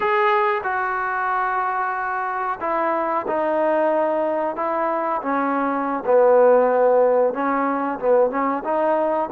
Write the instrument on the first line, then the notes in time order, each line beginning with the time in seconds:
trombone
0.00 G#4
0.63 F#4
2.60 E4
3.27 D#4
4.56 E4
5.22 C#4
6.05 B3
7.33 C#4
7.99 B3
8.30 C#4
8.64 D#4